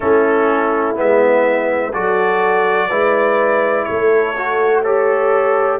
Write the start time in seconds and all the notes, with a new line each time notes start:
0.00 A3 C#4 E4 A4
0.95 G#3 B3 E5
1.92 F#3 F#4 A4 D5
2.88 G#3 E4 B4
3.84 A3 A4 C#5
4.37 F#4
4.82 G4 A4 C#5